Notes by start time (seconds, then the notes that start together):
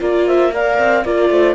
0.00 A#3 F4 A#4 D5
0.27 C5 E5
0.53 A#4 D5 F5
0.78 C4
1.04 A#3 F4 A#4 D5
1.30 A3 C5